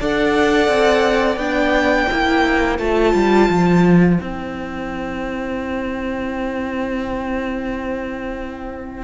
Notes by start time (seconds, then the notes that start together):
0.00 D4 A4 D5 F#5
0.68 C4
1.36 B3 D4 G5
2.09 A#3 E4 C5
2.78 A3 F4 A5
3.14 G3
3.49 F3
4.17 C4 E4 G5